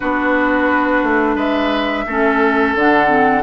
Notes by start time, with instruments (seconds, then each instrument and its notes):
0.00 bassoon B3, clarinet D4, oboe F#4, flute B4
1.03 bassoon A3
1.35 bassoon G#3, oboe B4, flute E5
2.06 bassoon A3, clarinet C#4, oboe A4
2.74 bassoon D3, clarinet D4, flute F#5
3.07 clarinet C4